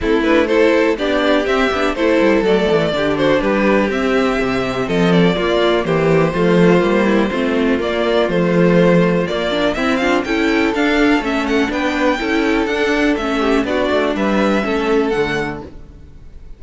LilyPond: <<
  \new Staff \with { instrumentName = "violin" } { \time 4/4 \tempo 4 = 123 a'8 b'8 c''4 d''4 e''4 | c''4 d''4. c''8 b'4 | e''2 dis''8 d''4. | c''1 |
d''4 c''2 d''4 | e''8 f''8 g''4 f''4 e''8 fis''8 | g''2 fis''4 e''4 | d''4 e''2 fis''4 | }
  \new Staff \with { instrumentName = "violin" } { \time 4/4 e'4 a'4 g'2 | a'2 g'8 fis'8 g'4~ | g'2 a'4 f'4 | g'4 f'4. e'8 f'4~ |
f'1 | e'8 f'8 a'2. | b'4 a'2~ a'8 g'8 | fis'4 b'4 a'2 | }
  \new Staff \with { instrumentName = "viola" } { \time 4/4 c'8 d'8 e'4 d'4 c'8 d'8 | e'4 a4 d'2 | c'2. ais4~ | ais4 a4 ais4 c'4 |
ais4 a2 ais8 d'8 | c'8 d'8 e'4 d'4 cis'4 | d'4 e'4 d'4 cis'4 | d'2 cis'4 a4 | }
  \new Staff \with { instrumentName = "cello" } { \time 4/4 a2 b4 c'8 b8 | a8 g8 fis8 e8 d4 g4 | c'4 c4 f4 ais4 | e4 f4 g4 a4 |
ais4 f2 ais4 | c'4 cis'4 d'4 a4 | b4 cis'4 d'4 a4 | b8 a8 g4 a4 d4 | }
>>